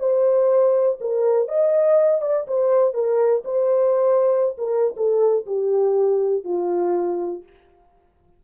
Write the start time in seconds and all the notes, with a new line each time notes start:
0.00 C5
1.01 A#4
1.49 D#5
2.22 D5
2.48 C5
2.94 A#4
3.45 C5
4.58 A#4
4.97 A4
5.47 G4
6.45 F4